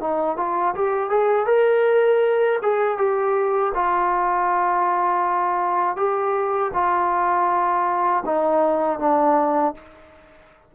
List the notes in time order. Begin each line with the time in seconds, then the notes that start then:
0.00 D#4
0.36 F4
0.74 G4
1.10 G#4
1.46 A#4
2.61 G#4
2.97 G4
3.74 F4
5.96 G4
6.73 F4
8.25 D#4
8.99 D4